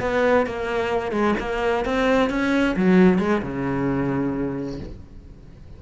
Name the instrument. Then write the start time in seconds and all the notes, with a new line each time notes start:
cello
0.00 B3
0.46 A#3
1.11 G#3
1.39 A#3
1.85 C4
2.29 C#4
2.76 F#3
3.18 G#3
3.42 C#3